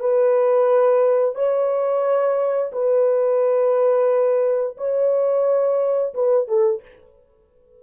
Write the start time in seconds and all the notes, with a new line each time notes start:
0.00 B4
1.35 C#5
2.72 B4
4.78 C#5
6.15 B4
6.48 A4